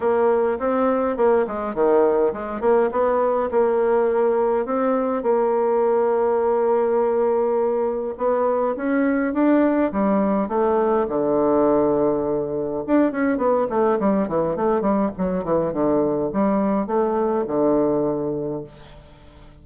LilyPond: \new Staff \with { instrumentName = "bassoon" } { \time 4/4 \tempo 4 = 103 ais4 c'4 ais8 gis8 dis4 | gis8 ais8 b4 ais2 | c'4 ais2.~ | ais2 b4 cis'4 |
d'4 g4 a4 d4~ | d2 d'8 cis'8 b8 a8 | g8 e8 a8 g8 fis8 e8 d4 | g4 a4 d2 | }